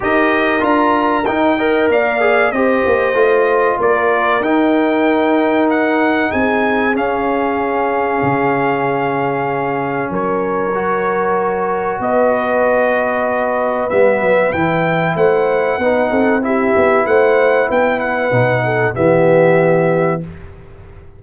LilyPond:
<<
  \new Staff \with { instrumentName = "trumpet" } { \time 4/4 \tempo 4 = 95 dis''4 ais''4 g''4 f''4 | dis''2 d''4 g''4~ | g''4 fis''4 gis''4 f''4~ | f''1 |
cis''2. dis''4~ | dis''2 e''4 g''4 | fis''2 e''4 fis''4 | g''8 fis''4. e''2 | }
  \new Staff \with { instrumentName = "horn" } { \time 4/4 ais'2~ ais'8 dis''8 d''4 | c''2 ais'2~ | ais'2 gis'2~ | gis'1 |
ais'2. b'4~ | b'1 | c''4 b'8 a'8 g'4 c''4 | b'4. a'8 g'2 | }
  \new Staff \with { instrumentName = "trombone" } { \time 4/4 g'4 f'4 dis'8 ais'4 gis'8 | g'4 f'2 dis'4~ | dis'2. cis'4~ | cis'1~ |
cis'4 fis'2.~ | fis'2 b4 e'4~ | e'4 dis'4 e'2~ | e'4 dis'4 b2 | }
  \new Staff \with { instrumentName = "tuba" } { \time 4/4 dis'4 d'4 dis'4 ais4 | c'8 ais8 a4 ais4 dis'4~ | dis'2 c'4 cis'4~ | cis'4 cis2. |
fis2. b4~ | b2 g8 fis8 e4 | a4 b8 c'4 b8 a4 | b4 b,4 e2 | }
>>